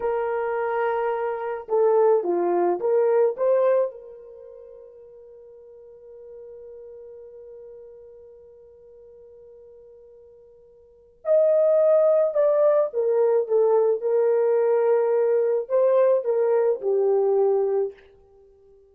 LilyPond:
\new Staff \with { instrumentName = "horn" } { \time 4/4 \tempo 4 = 107 ais'2. a'4 | f'4 ais'4 c''4 ais'4~ | ais'1~ | ais'1~ |
ais'1 | dis''2 d''4 ais'4 | a'4 ais'2. | c''4 ais'4 g'2 | }